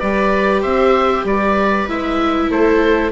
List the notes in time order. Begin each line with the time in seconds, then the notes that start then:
0.00 G3 G4 B4 D5
0.62 C4 C5 E5
1.24 G3 B4 D5
1.89 G#3 E4 E5
2.50 A3 A4 C5